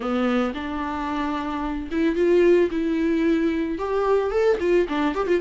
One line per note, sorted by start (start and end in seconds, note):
0.00 0.53 B3
0.54 1.89 D4
1.91 2.15 E4
2.15 2.69 F4
2.70 3.78 E4
3.78 4.30 G4
4.30 4.57 A4
4.60 4.87 F4
4.88 5.14 D4
5.14 5.27 G4
5.27 5.40 F4